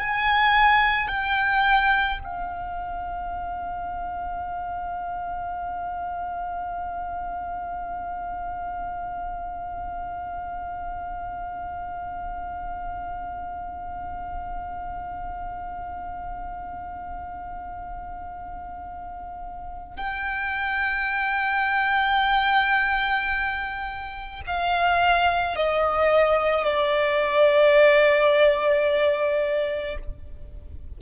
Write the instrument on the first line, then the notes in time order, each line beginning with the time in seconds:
violin
0.00 G#5
1.09 G5
2.24 F5
19.97 G5
24.47 F5
25.56 D#5
26.65 D5